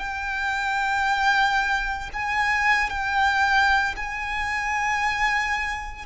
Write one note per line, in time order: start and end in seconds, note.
0.00 2.11 G5
2.14 2.90 G#5
2.90 3.95 G5
3.97 6.06 G#5